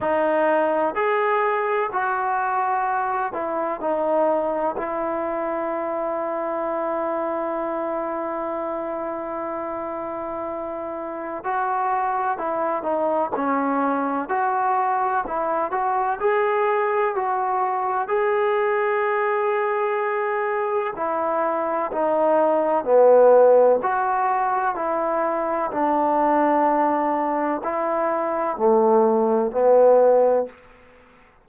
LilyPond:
\new Staff \with { instrumentName = "trombone" } { \time 4/4 \tempo 4 = 63 dis'4 gis'4 fis'4. e'8 | dis'4 e'2.~ | e'1 | fis'4 e'8 dis'8 cis'4 fis'4 |
e'8 fis'8 gis'4 fis'4 gis'4~ | gis'2 e'4 dis'4 | b4 fis'4 e'4 d'4~ | d'4 e'4 a4 b4 | }